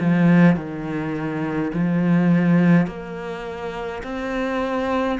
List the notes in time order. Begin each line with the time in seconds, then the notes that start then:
0.00 F3
0.56 D#3
1.74 F3
2.87 A#3
4.03 C4